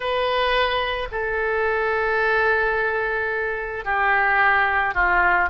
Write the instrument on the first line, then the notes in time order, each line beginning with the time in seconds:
oboe
0.00 B4
1.11 A4
3.84 G4
4.94 F4